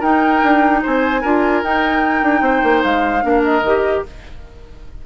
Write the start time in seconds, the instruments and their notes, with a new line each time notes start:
0.00 bassoon D#4, clarinet D#4, oboe A#4, flute G5
0.43 bassoon D4
0.83 bassoon C4, oboe C5, flute G#5
1.22 bassoon D4, clarinet F4, oboe A#4
1.63 bassoon D#4, clarinet D#4, flute G5
2.23 bassoon D4
2.41 bassoon C4, oboe C5
2.64 bassoon A#3
2.83 bassoon G#3, flute F5
3.22 bassoon A#3, clarinet D4, oboe A#4
3.44 flute D#5
3.63 bassoon D#3, clarinet G4